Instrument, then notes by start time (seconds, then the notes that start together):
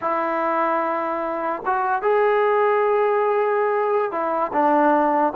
trombone
0.01 E4
1.65 F#4
2.02 G#4
4.11 E4
4.52 D4